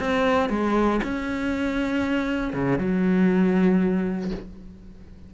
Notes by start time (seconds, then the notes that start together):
0.00 C4
0.50 G#3
1.04 C#4
2.54 C#3
2.79 F#3